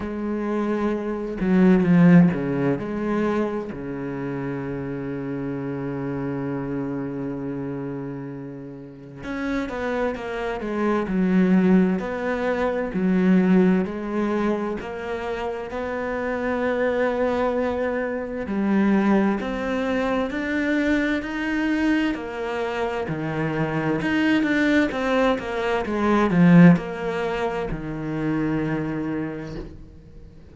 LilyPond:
\new Staff \with { instrumentName = "cello" } { \time 4/4 \tempo 4 = 65 gis4. fis8 f8 cis8 gis4 | cis1~ | cis2 cis'8 b8 ais8 gis8 | fis4 b4 fis4 gis4 |
ais4 b2. | g4 c'4 d'4 dis'4 | ais4 dis4 dis'8 d'8 c'8 ais8 | gis8 f8 ais4 dis2 | }